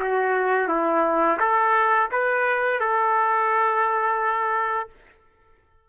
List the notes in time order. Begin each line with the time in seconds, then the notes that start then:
0.00 F#4
0.68 E4
1.40 A4
2.12 B4
2.80 A4